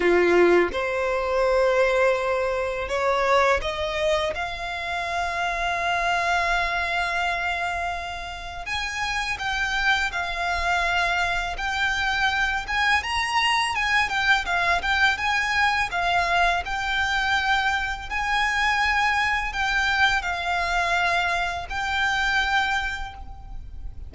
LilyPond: \new Staff \with { instrumentName = "violin" } { \time 4/4 \tempo 4 = 83 f'4 c''2. | cis''4 dis''4 f''2~ | f''1 | gis''4 g''4 f''2 |
g''4. gis''8 ais''4 gis''8 g''8 | f''8 g''8 gis''4 f''4 g''4~ | g''4 gis''2 g''4 | f''2 g''2 | }